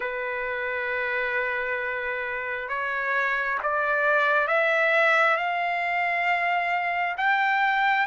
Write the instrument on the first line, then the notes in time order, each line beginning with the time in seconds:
trumpet
0.00 B4
2.68 C#5
3.62 D5
4.47 E5
5.36 F5
7.17 G5